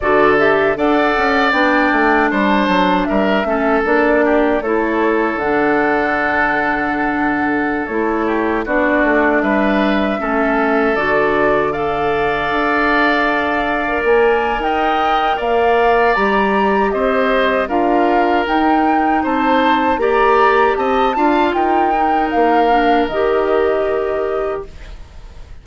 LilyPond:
<<
  \new Staff \with { instrumentName = "flute" } { \time 4/4 \tempo 4 = 78 d''8 e''8 fis''4 g''4 a''4 | e''4 d''4 cis''4 fis''4~ | fis''2~ fis''16 cis''4 d''8.~ | d''16 e''2 d''4 f''8.~ |
f''2~ f''16 gis''8. g''4 | f''4 ais''4 dis''4 f''4 | g''4 a''4 ais''4 a''4 | g''4 f''4 dis''2 | }
  \new Staff \with { instrumentName = "oboe" } { \time 4/4 a'4 d''2 c''4 | ais'8 a'4 g'8 a'2~ | a'2~ a'8. g'8 fis'8.~ | fis'16 b'4 a'2 d''8.~ |
d''2. dis''4 | d''2 c''4 ais'4~ | ais'4 c''4 d''4 dis''8 f''8 | ais'1 | }
  \new Staff \with { instrumentName = "clarinet" } { \time 4/4 fis'8 g'8 a'4 d'2~ | d'8 cis'8 d'4 e'4 d'4~ | d'2~ d'16 e'4 d'8.~ | d'4~ d'16 cis'4 fis'4 a'8.~ |
a'2 ais'2~ | ais'4 g'2 f'4 | dis'2 g'4. f'8~ | f'8 dis'4 d'8 g'2 | }
  \new Staff \with { instrumentName = "bassoon" } { \time 4/4 d4 d'8 cis'8 b8 a8 g8 fis8 | g8 a8 ais4 a4 d4~ | d2~ d16 a4 b8 a16~ | a16 g4 a4 d4.~ d16~ |
d16 d'2 ais8. dis'4 | ais4 g4 c'4 d'4 | dis'4 c'4 ais4 c'8 d'8 | dis'4 ais4 dis2 | }
>>